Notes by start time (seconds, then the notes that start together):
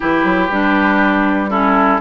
0.00 E3 E4 G4 B4
0.24 F#3
0.49 G3 D4
1.50 C#4 E4 A4